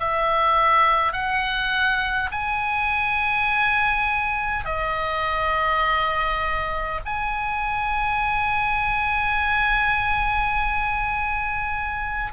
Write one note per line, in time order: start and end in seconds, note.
0.00 1.13 E5
1.13 2.30 F#5
2.32 4.65 G#5
4.65 7.01 D#5
7.06 12.33 G#5